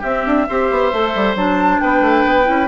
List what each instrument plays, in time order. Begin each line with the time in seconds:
0.00 bassoon C4, clarinet C4, oboe G4, flute E5
0.26 bassoon D4
0.49 bassoon C4, clarinet G4, oboe C5
0.71 bassoon B3
0.93 bassoon A3, clarinet A4
1.15 bassoon G3
1.35 bassoon F#3, clarinet D4, flute A5
1.80 bassoon B3, oboe B4, flute G5
2.01 bassoon A3
2.26 bassoon B3
2.44 bassoon C#4, clarinet E4